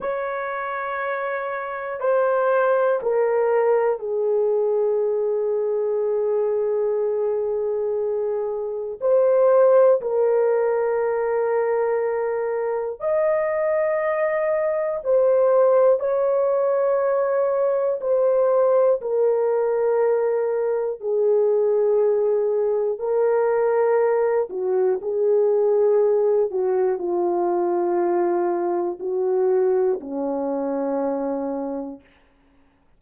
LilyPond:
\new Staff \with { instrumentName = "horn" } { \time 4/4 \tempo 4 = 60 cis''2 c''4 ais'4 | gis'1~ | gis'4 c''4 ais'2~ | ais'4 dis''2 c''4 |
cis''2 c''4 ais'4~ | ais'4 gis'2 ais'4~ | ais'8 fis'8 gis'4. fis'8 f'4~ | f'4 fis'4 cis'2 | }